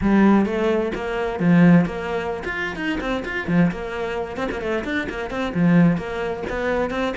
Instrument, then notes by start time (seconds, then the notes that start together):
cello
0.01 G3
0.45 A3
0.95 A#3
1.39 F3
1.85 A#3
2.44 F4
2.76 D#4
3.00 C4
3.24 F4
3.47 F3
3.71 A#3
4.36 C4
4.51 A#3
4.61 A3
4.84 D4
5.09 A#3
5.30 C4
5.54 F3
5.97 A#3
6.49 B3
6.90 C4